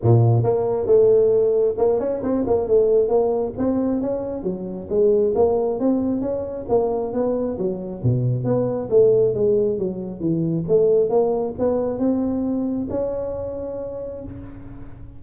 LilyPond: \new Staff \with { instrumentName = "tuba" } { \time 4/4 \tempo 4 = 135 ais,4 ais4 a2 | ais8 cis'8 c'8 ais8 a4 ais4 | c'4 cis'4 fis4 gis4 | ais4 c'4 cis'4 ais4 |
b4 fis4 b,4 b4 | a4 gis4 fis4 e4 | a4 ais4 b4 c'4~ | c'4 cis'2. | }